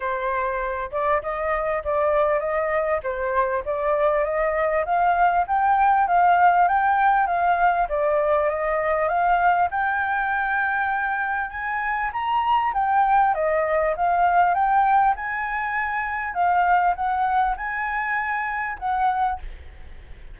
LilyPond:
\new Staff \with { instrumentName = "flute" } { \time 4/4 \tempo 4 = 99 c''4. d''8 dis''4 d''4 | dis''4 c''4 d''4 dis''4 | f''4 g''4 f''4 g''4 | f''4 d''4 dis''4 f''4 |
g''2. gis''4 | ais''4 g''4 dis''4 f''4 | g''4 gis''2 f''4 | fis''4 gis''2 fis''4 | }